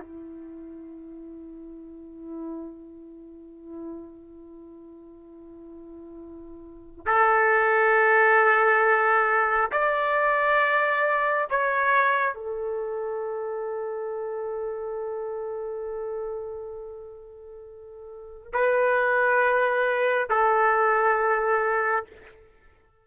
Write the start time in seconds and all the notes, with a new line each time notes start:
0.00 E4
7.06 A4
9.71 D5
11.50 C#5
12.34 A4
18.53 B4
20.29 A4